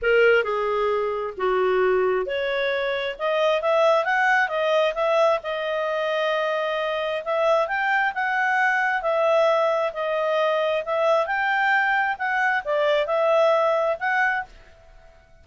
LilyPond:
\new Staff \with { instrumentName = "clarinet" } { \time 4/4 \tempo 4 = 133 ais'4 gis'2 fis'4~ | fis'4 cis''2 dis''4 | e''4 fis''4 dis''4 e''4 | dis''1 |
e''4 g''4 fis''2 | e''2 dis''2 | e''4 g''2 fis''4 | d''4 e''2 fis''4 | }